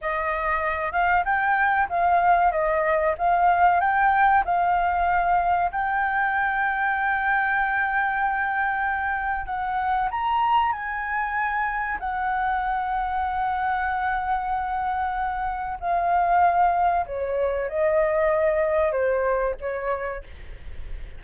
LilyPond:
\new Staff \with { instrumentName = "flute" } { \time 4/4 \tempo 4 = 95 dis''4. f''8 g''4 f''4 | dis''4 f''4 g''4 f''4~ | f''4 g''2.~ | g''2. fis''4 |
ais''4 gis''2 fis''4~ | fis''1~ | fis''4 f''2 cis''4 | dis''2 c''4 cis''4 | }